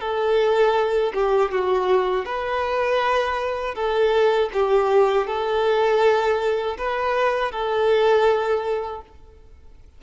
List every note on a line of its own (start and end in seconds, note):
0.00 1.12 A4
1.14 1.51 G4
1.51 2.25 F#4
2.25 3.74 B4
3.74 4.49 A4
4.53 5.26 G4
5.26 6.76 A4
6.78 7.51 B4
7.51 9.01 A4